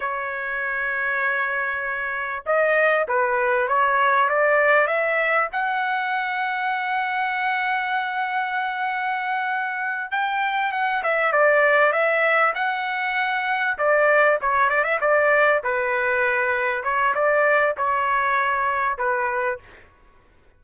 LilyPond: \new Staff \with { instrumentName = "trumpet" } { \time 4/4 \tempo 4 = 98 cis''1 | dis''4 b'4 cis''4 d''4 | e''4 fis''2.~ | fis''1~ |
fis''8 g''4 fis''8 e''8 d''4 e''8~ | e''8 fis''2 d''4 cis''8 | d''16 e''16 d''4 b'2 cis''8 | d''4 cis''2 b'4 | }